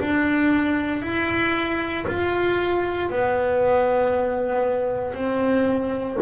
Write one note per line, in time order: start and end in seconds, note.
0.00 1.02 D4
1.02 2.05 E4
2.07 3.09 F4
3.09 5.14 B3
5.14 6.17 C4